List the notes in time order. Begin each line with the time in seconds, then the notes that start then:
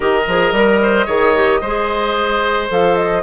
0.00 D#3 G4 A#4 D#5
0.27 F3 G#4
0.52 G3 A#4
0.81 C5
1.06 D#3 G#4 C#5
1.34 G4
1.60 G#3 G#4 C5
2.69 F3 A4 F5
2.95 D#5